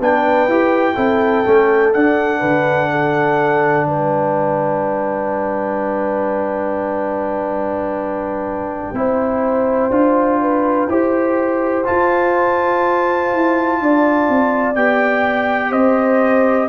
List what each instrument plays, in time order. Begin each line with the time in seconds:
0.00 tuba B3, trombone D4, horn B4, trumpet G5
0.48 tuba E4, trombone G4
0.94 tuba C4, trombone E4, horn A4
1.45 tuba A3, trombone C#4
1.93 trombone D4, tuba D4, trumpet F#5
2.40 tuba D3, horn B4
2.91 horn A4
3.86 tuba G3, horn B4, trumpet G5
8.93 tuba C4, trombone E4, horn C5
9.90 tuba D4, trombone F4
10.42 horn B4
10.88 tuba E4, trombone G4, horn C5
11.84 trombone F4, tuba F4, trumpet A5
13.34 tuba E4
13.80 tuba D4, horn D5
14.29 tuba C4
14.76 tuba B3, trombone G4, trumpet G5
15.70 tuba C4, horn C5, trumpet D#5